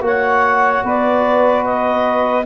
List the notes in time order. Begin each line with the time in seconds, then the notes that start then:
0.00 A#3 F#4 C#5 F#5
0.83 B3 B4 D5
1.64 D#5